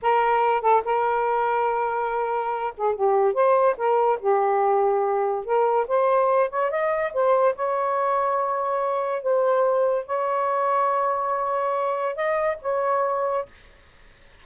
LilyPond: \new Staff \with { instrumentName = "saxophone" } { \time 4/4 \tempo 4 = 143 ais'4. a'8 ais'2~ | ais'2~ ais'8 gis'8 g'4 | c''4 ais'4 g'2~ | g'4 ais'4 c''4. cis''8 |
dis''4 c''4 cis''2~ | cis''2 c''2 | cis''1~ | cis''4 dis''4 cis''2 | }